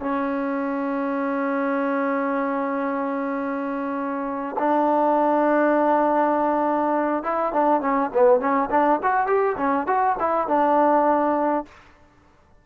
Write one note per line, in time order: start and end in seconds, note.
0.00 4.56 C#4
4.59 7.23 D4
7.23 7.53 E4
7.53 7.81 D4
7.81 8.10 C#4
8.14 8.40 B3
8.40 8.69 C#4
8.70 9.00 D4
9.03 9.26 F#4
9.26 9.56 G4
9.57 9.87 C#4
9.87 10.16 F#4
10.19 10.48 E4
10.48 11.65 D4